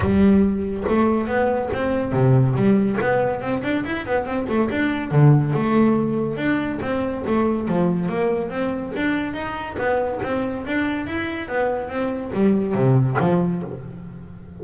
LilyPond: \new Staff \with { instrumentName = "double bass" } { \time 4/4 \tempo 4 = 141 g2 a4 b4 | c'4 c4 g4 b4 | c'8 d'8 e'8 b8 c'8 a8 d'4 | d4 a2 d'4 |
c'4 a4 f4 ais4 | c'4 d'4 dis'4 b4 | c'4 d'4 e'4 b4 | c'4 g4 c4 f4 | }